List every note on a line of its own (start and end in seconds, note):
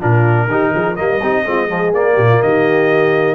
0.00 0.47 A#2
0.00 0.49 D4
0.00 0.48 F4
0.00 0.96 A#4
0.47 0.71 D#3
0.47 0.97 D#4
0.47 0.74 G4
0.74 0.99 F3
0.74 0.95 G#4
0.95 1.22 G3
0.95 1.21 A#3
0.95 1.19 A#4
0.95 1.92 D#5
1.21 1.45 C4
1.21 1.45 D#4
1.21 1.45 G4
1.45 1.93 G#3
1.45 1.68 C4
1.45 1.68 F4
1.68 1.92 F3
1.68 2.14 G#4
1.94 2.17 A#3
1.94 3.35 A#3
1.94 2.42 D5
2.14 2.41 A#2
2.14 2.26 G4
2.29 2.41 F4
2.42 3.35 D#3
2.42 3.35 G4
2.42 3.35 D#5